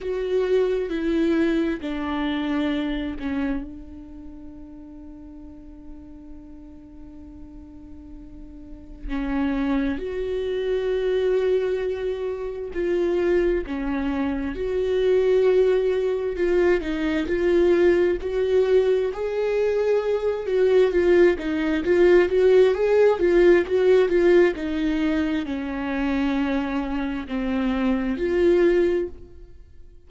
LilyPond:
\new Staff \with { instrumentName = "viola" } { \time 4/4 \tempo 4 = 66 fis'4 e'4 d'4. cis'8 | d'1~ | d'2 cis'4 fis'4~ | fis'2 f'4 cis'4 |
fis'2 f'8 dis'8 f'4 | fis'4 gis'4. fis'8 f'8 dis'8 | f'8 fis'8 gis'8 f'8 fis'8 f'8 dis'4 | cis'2 c'4 f'4 | }